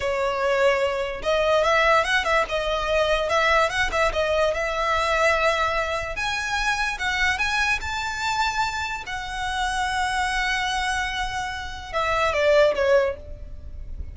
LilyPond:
\new Staff \with { instrumentName = "violin" } { \time 4/4 \tempo 4 = 146 cis''2. dis''4 | e''4 fis''8 e''8 dis''2 | e''4 fis''8 e''8 dis''4 e''4~ | e''2. gis''4~ |
gis''4 fis''4 gis''4 a''4~ | a''2 fis''2~ | fis''1~ | fis''4 e''4 d''4 cis''4 | }